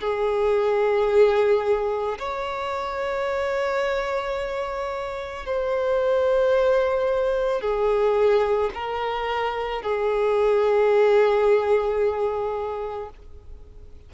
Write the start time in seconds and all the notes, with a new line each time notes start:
0.00 G#4
2.19 C#5
5.46 C5
7.61 G#4
8.74 A#4
9.82 G#4